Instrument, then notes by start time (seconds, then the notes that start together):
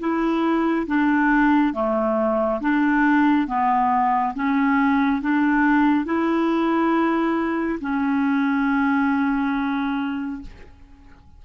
clarinet
0.00 E4
0.87 D4
1.74 A3
2.61 D4
3.48 B3
4.35 C#4
5.22 D4
6.06 E4
7.81 C#4